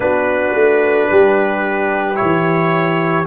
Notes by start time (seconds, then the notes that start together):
0.00 B3 D4 F#4 B4
0.53 A3
1.10 G3 G4
2.14 E4 C#5
2.21 E3